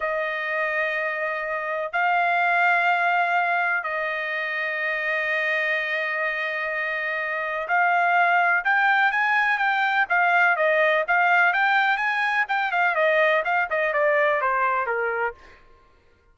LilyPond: \new Staff \with { instrumentName = "trumpet" } { \time 4/4 \tempo 4 = 125 dis''1 | f''1 | dis''1~ | dis''1 |
f''2 g''4 gis''4 | g''4 f''4 dis''4 f''4 | g''4 gis''4 g''8 f''8 dis''4 | f''8 dis''8 d''4 c''4 ais'4 | }